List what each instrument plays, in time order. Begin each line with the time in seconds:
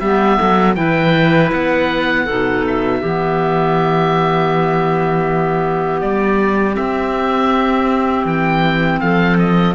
0.00 cello G3, clarinet B3 G4, oboe E5
0.38 cello F#3, clarinet A4
0.76 cello E3, clarinet E4 B4, oboe G5
1.53 cello B3, oboe F#5
2.25 cello B2, clarinet D#4 A4
2.68 oboe E5
3.01 cello E3, clarinet B3 G4
6.01 cello G3, oboe D5
6.74 clarinet C4, cello C4, oboe E5
8.25 cello E3, oboe G5
9.00 cello F3, clarinet A4, oboe F5
9.39 oboe D#5